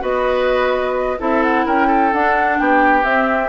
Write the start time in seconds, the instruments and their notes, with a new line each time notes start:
0.00 bassoon B3, clarinet F#4, oboe B4, flute D#5
1.19 bassoon C4, clarinet E4, oboe A4, flute E5
1.43 flute F#5
1.66 bassoon C#4, oboe A#4, flute G5
1.87 oboe A4
2.13 bassoon D4, clarinet D4, flute F#5
2.59 bassoon B3, oboe G4, flute G5
3.03 clarinet C4, bassoon C4, flute E5